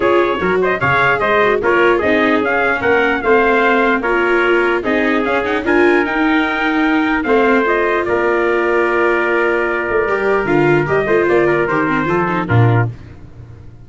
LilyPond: <<
  \new Staff \with { instrumentName = "trumpet" } { \time 4/4 \tempo 4 = 149 cis''4. dis''8 f''4 dis''4 | cis''4 dis''4 f''4 fis''4 | f''2 cis''2 | dis''4 f''8 fis''8 gis''4 g''4~ |
g''2 f''4 dis''4 | d''1~ | d''2 f''4 dis''4 | d''4 c''2 ais'4 | }
  \new Staff \with { instrumentName = "trumpet" } { \time 4/4 gis'4 ais'8 c''8 cis''4 c''4 | ais'4 gis'2 ais'4 | c''2 ais'2 | gis'2 ais'2~ |
ais'2 c''2 | ais'1~ | ais'2.~ ais'8 c''8~ | c''8 ais'4. a'4 f'4 | }
  \new Staff \with { instrumentName = "viola" } { \time 4/4 f'4 fis'4 gis'4. fis'8 | f'4 dis'4 cis'2 | c'2 f'2 | dis'4 cis'8 dis'8 f'4 dis'4~ |
dis'2 c'4 f'4~ | f'1~ | f'4 g'4 f'4 g'8 f'8~ | f'4 g'8 c'8 f'8 dis'8 d'4 | }
  \new Staff \with { instrumentName = "tuba" } { \time 4/4 cis'4 fis4 cis4 gis4 | ais4 c'4 cis'4 ais4 | a2 ais2 | c'4 cis'4 d'4 dis'4~ |
dis'2 a2 | ais1~ | ais8 a8 g4 d4 g8 a8 | ais4 dis4 f4 ais,4 | }
>>